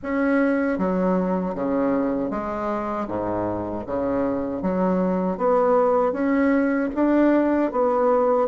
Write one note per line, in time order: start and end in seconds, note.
0.02 0.78 C#4
0.78 1.54 F#3
1.54 2.30 C#3
2.30 3.07 G#3
3.07 3.84 G#2
3.86 4.62 C#3
4.62 5.37 F#3
5.37 6.12 B3
6.12 6.89 C#4
6.94 7.71 D4
7.71 8.48 B3